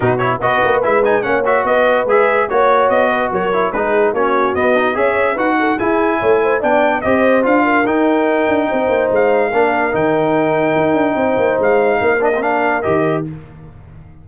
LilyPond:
<<
  \new Staff \with { instrumentName = "trumpet" } { \time 4/4 \tempo 4 = 145 b'8 cis''8 dis''4 e''8 gis''8 fis''8 e''8 | dis''4 e''4 cis''4 dis''4 | cis''4 b'4 cis''4 dis''4 | e''4 fis''4 gis''2 |
g''4 dis''4 f''4 g''4~ | g''2 f''2 | g''1 | f''4. dis''8 f''4 dis''4 | }
  \new Staff \with { instrumentName = "horn" } { \time 4/4 fis'4 b'2 cis''4 | b'2 cis''4. b'8 | ais'4 gis'4 fis'2 | cis''4 b'8 a'8 gis'4 cis''8 c''8 |
d''4 c''4. ais'4.~ | ais'4 c''2 ais'4~ | ais'2. c''4~ | c''4 ais'2. | }
  \new Staff \with { instrumentName = "trombone" } { \time 4/4 dis'8 e'8 fis'4 e'8 dis'8 cis'8 fis'8~ | fis'4 gis'4 fis'2~ | fis'8 e'8 dis'4 cis'4 b8 dis'8 | gis'4 fis'4 e'2 |
d'4 g'4 f'4 dis'4~ | dis'2. d'4 | dis'1~ | dis'4. d'16 c'16 d'4 g'4 | }
  \new Staff \with { instrumentName = "tuba" } { \time 4/4 b,4 b8 ais8 gis4 ais4 | b4 gis4 ais4 b4 | fis4 gis4 ais4 b4 | cis'4 dis'4 e'4 a4 |
b4 c'4 d'4 dis'4~ | dis'8 d'8 c'8 ais8 gis4 ais4 | dis2 dis'8 d'8 c'8 ais8 | gis4 ais2 dis4 | }
>>